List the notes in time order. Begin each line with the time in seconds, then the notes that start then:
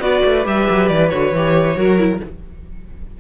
0.00 B3 F#4 B4 D5
0.25 A3
0.44 G3 G4 E5
0.70 F#3
0.88 E3 D5
1.09 D3 F#4 C#5
1.32 E3 G4
1.76 F#3 F#4 A#4
1.98 E4